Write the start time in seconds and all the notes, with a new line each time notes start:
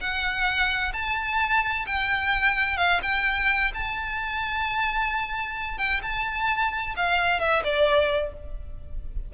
0.00 F#5
0.93 A5
1.86 G5
2.77 F5
3.02 G5
3.74 A5
5.78 G5
6.02 A5
6.96 F5
7.40 E5
7.64 D5